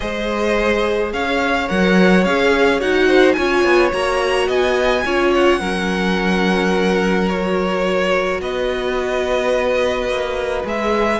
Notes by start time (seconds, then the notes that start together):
0.00 G#3 G#4 C5 D#5
1.12 C#4 C#5 F5
1.68 F#3 A#4 F#5
2.24 C#4 G#4 F5
2.79 D#4 F#4 F#5
3.07 C5
3.32 C#4 F4 C#5 G#5
3.64 B3
3.91 A#3 F#4 A#5
4.47 B3 D#5 G#5
5.04 C#4 F4 C#5
5.34 F#5
5.60 F#3 C#4 A#4
7.28 F#4 C#5
8.40 B3 B4 D#5
10.08 A#3
10.64 G#3 G#4 E5